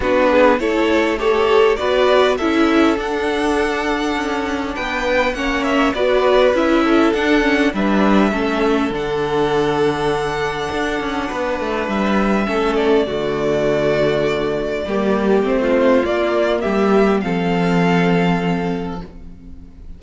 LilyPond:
<<
  \new Staff \with { instrumentName = "violin" } { \time 4/4 \tempo 4 = 101 b'4 cis''4 a'4 d''4 | e''4 fis''2. | g''4 fis''8 e''8 d''4 e''4 | fis''4 e''2 fis''4~ |
fis''1 | e''4. d''2~ d''8~ | d''2 c''4 d''4 | e''4 f''2. | }
  \new Staff \with { instrumentName = "violin" } { \time 4/4 fis'8 gis'8 a'4 cis''4 b'4 | a'1 | b'4 cis''4 b'4. a'8~ | a'4 b'4 a'2~ |
a'2. b'4~ | b'4 a'4 fis'2~ | fis'4 g'4~ g'16 f'4.~ f'16 | g'4 a'2. | }
  \new Staff \with { instrumentName = "viola" } { \time 4/4 d'4 e'4 g'4 fis'4 | e'4 d'2.~ | d'4 cis'4 fis'4 e'4 | d'8 cis'8 d'4 cis'4 d'4~ |
d'1~ | d'4 cis'4 a2~ | a4 ais4 c'4 ais4~ | ais4 c'2. | }
  \new Staff \with { instrumentName = "cello" } { \time 4/4 b4 a2 b4 | cis'4 d'2 cis'4 | b4 ais4 b4 cis'4 | d'4 g4 a4 d4~ |
d2 d'8 cis'8 b8 a8 | g4 a4 d2~ | d4 g4 a4 ais4 | g4 f2. | }
>>